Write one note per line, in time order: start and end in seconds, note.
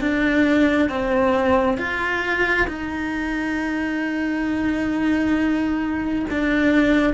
0.00 0.89 D4
0.89 1.77 C4
1.77 2.67 F4
2.67 6.26 D#4
6.31 7.14 D4